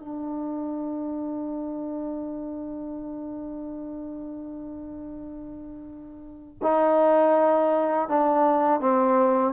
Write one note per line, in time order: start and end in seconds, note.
0.00 6.59 D4
6.63 8.09 D#4
8.09 8.80 D4
8.80 9.54 C4